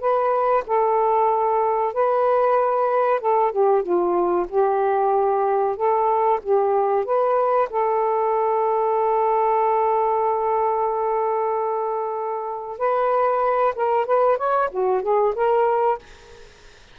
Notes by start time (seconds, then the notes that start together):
0.00 B4
0.66 A4
1.93 B4
3.20 A4
3.52 G4
3.82 F4
4.49 G4
5.76 A4
6.43 G4
7.05 B4
7.70 A4
12.78 B4
13.75 A#4
14.06 B4
14.37 C#5
14.71 F#4
15.02 G#4
15.35 A#4